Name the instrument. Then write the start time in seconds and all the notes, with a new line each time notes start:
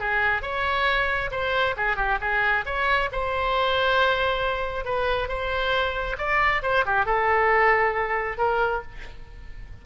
oboe
0.00 G#4
0.42 C#5
1.32 C5
1.77 G#4
1.97 G4
2.21 G#4
2.66 C#5
3.12 C5
4.85 B4
5.29 C5
6.18 D5
6.63 C5
6.86 G4
7.06 A4
8.38 A#4